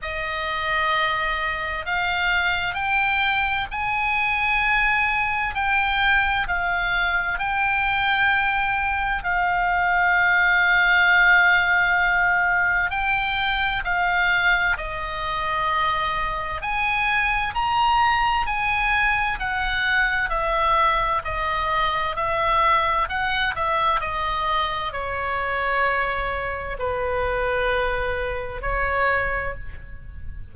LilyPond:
\new Staff \with { instrumentName = "oboe" } { \time 4/4 \tempo 4 = 65 dis''2 f''4 g''4 | gis''2 g''4 f''4 | g''2 f''2~ | f''2 g''4 f''4 |
dis''2 gis''4 ais''4 | gis''4 fis''4 e''4 dis''4 | e''4 fis''8 e''8 dis''4 cis''4~ | cis''4 b'2 cis''4 | }